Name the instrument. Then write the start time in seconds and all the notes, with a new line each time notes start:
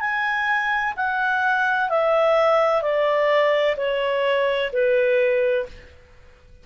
clarinet
0.00 G#5
0.96 F#5
1.90 E5
2.82 D5
3.77 C#5
4.73 B4